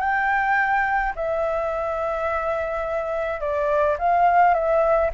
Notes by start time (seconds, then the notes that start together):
0.00 G5
1.16 E5
3.40 D5
3.99 F5
4.54 E5